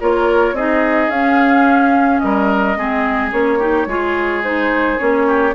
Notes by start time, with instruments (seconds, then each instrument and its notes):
0.00 bassoon A#3, clarinet F4, oboe A#4, flute C#5
0.53 bassoon C4, clarinet D#4, oboe G#4, flute D#5
1.08 bassoon C#4, clarinet C#4, flute F5
2.19 bassoon G3, oboe A#4, flute D#5
2.77 bassoon G#3, clarinet C4, oboe G#4
3.31 bassoon A#3, clarinet C#4, flute C#5
3.59 clarinet D#4, oboe G4
3.86 bassoon G#3, clarinet F4, oboe G#4
4.44 clarinet D#4, flute C5
4.98 bassoon A#3, clarinet C#4, flute C#5
5.27 oboe G4